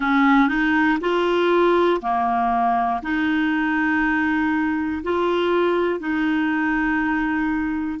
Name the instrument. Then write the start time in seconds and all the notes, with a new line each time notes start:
clarinet
0.00 C#4
0.48 D#4
1.00 F4
2.00 A#3
3.02 D#4
5.03 F4
5.99 D#4